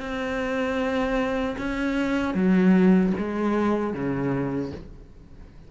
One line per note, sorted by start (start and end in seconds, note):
0.00 1.56 C4
1.58 2.34 C#4
2.34 3.12 F#3
3.18 3.93 G#3
3.93 4.71 C#3